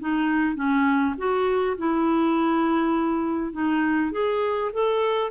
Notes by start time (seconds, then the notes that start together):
0.00 D#4
0.55 C#4
1.17 F#4
1.77 E4
3.52 D#4
4.12 G#4
4.73 A4